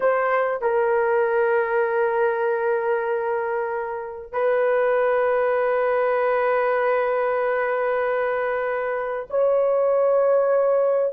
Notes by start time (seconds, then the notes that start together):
0.00 C5
0.61 A#4
4.32 B4
9.30 C#5